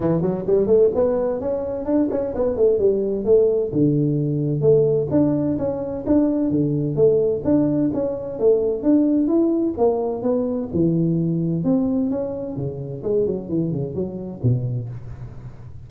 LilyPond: \new Staff \with { instrumentName = "tuba" } { \time 4/4 \tempo 4 = 129 e8 fis8 g8 a8 b4 cis'4 | d'8 cis'8 b8 a8 g4 a4 | d2 a4 d'4 | cis'4 d'4 d4 a4 |
d'4 cis'4 a4 d'4 | e'4 ais4 b4 e4~ | e4 c'4 cis'4 cis4 | gis8 fis8 e8 cis8 fis4 b,4 | }